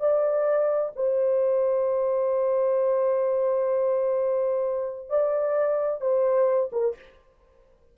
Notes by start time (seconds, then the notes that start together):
0.00 D5
0.96 C5
5.10 D5
6.01 C5
6.73 A#4